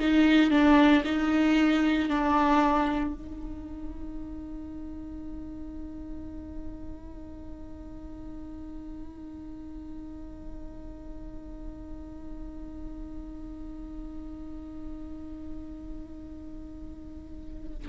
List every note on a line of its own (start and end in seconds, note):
0.00 0.51 D#4
0.51 1.04 D4
1.05 2.10 D#4
2.10 3.14 D4
3.14 17.88 D#4